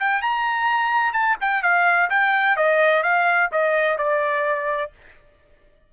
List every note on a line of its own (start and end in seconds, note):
0.00 0.22 G5
0.22 1.13 A#5
1.13 1.37 A5
1.41 1.63 G5
1.63 2.10 F5
2.10 2.57 G5
2.57 3.03 D#5
3.03 3.50 F5
3.52 3.98 D#5
3.98 4.92 D5